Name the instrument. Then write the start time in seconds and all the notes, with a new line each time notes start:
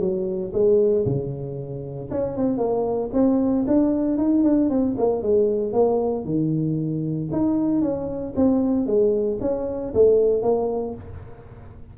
tuba
0.00 F#3
0.53 G#3
1.06 C#3
2.11 C#4
2.37 C4
2.58 A#3
3.14 C4
3.68 D4
4.18 D#4
4.44 D4
4.70 C4
4.98 A#3
5.23 G#3
5.73 A#3
6.25 D#3
7.32 D#4
7.82 C#4
8.36 C4
8.86 G#3
9.41 C#4
9.94 A3
10.43 A#3